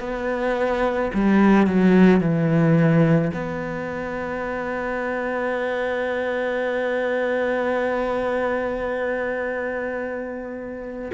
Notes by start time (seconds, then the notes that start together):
0.00 B3
1.14 G3
1.66 F#3
2.20 E3
3.33 B3